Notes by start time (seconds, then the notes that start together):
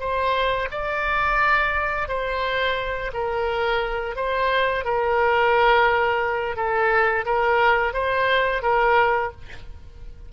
0.00 C5
0.71 D5
2.08 C5
3.14 A#4
4.16 C5
4.85 A#4
6.56 A4
7.26 A#4
7.94 C5
8.63 A#4